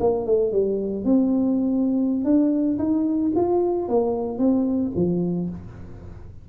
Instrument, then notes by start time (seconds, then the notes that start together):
tuba
0.00 A#3
0.26 A3
0.52 G3
1.04 C4
2.24 D4
2.78 D#4
3.36 F4
3.88 A#3
4.38 C4
4.96 F3